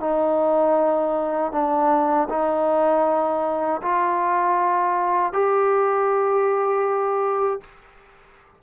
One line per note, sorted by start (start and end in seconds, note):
0.00 1.52 D#4
1.52 2.28 D4
2.29 3.81 D#4
3.82 5.33 F4
5.33 7.61 G4